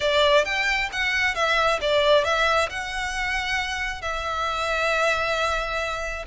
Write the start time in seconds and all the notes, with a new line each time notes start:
0.00 D5
0.44 G5
0.92 F#5
1.34 E5
1.81 D5
2.24 E5
2.69 F#5
4.01 E5